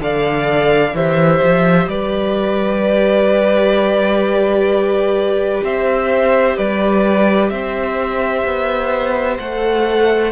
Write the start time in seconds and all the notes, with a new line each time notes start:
0.00 D3 A4 D5 F5
0.93 E3 G4 C5 E5
1.42 F3
1.86 G3 B4 D5
5.63 C4 C5 E5
6.57 G3 B4 D5
7.49 C4 C5 E5
8.44 B3
9.39 A3 A4 F#5